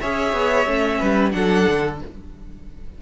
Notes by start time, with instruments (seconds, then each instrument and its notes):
0.00 cello C#4, viola G#4, violin C#5 E5
0.33 cello B3
0.66 cello A3, viola C#4
0.99 cello G3, violin B4
1.31 cello F#3, viola D4, violin A4 F#5
1.69 cello D3